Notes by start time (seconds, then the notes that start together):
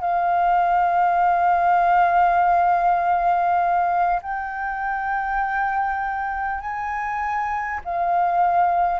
0.00 F5
4.22 G5
6.61 G#5
7.84 F5